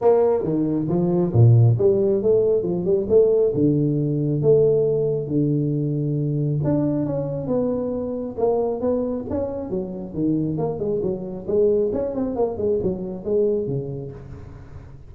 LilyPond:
\new Staff \with { instrumentName = "tuba" } { \time 4/4 \tempo 4 = 136 ais4 dis4 f4 ais,4 | g4 a4 f8 g8 a4 | d2 a2 | d2. d'4 |
cis'4 b2 ais4 | b4 cis'4 fis4 dis4 | ais8 gis8 fis4 gis4 cis'8 c'8 | ais8 gis8 fis4 gis4 cis4 | }